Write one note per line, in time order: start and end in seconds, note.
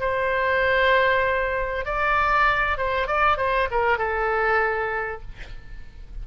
0.00 1.85 C5
1.85 2.78 D5
2.78 3.07 C5
3.07 3.37 D5
3.37 3.68 C5
3.71 3.98 A#4
3.98 5.22 A4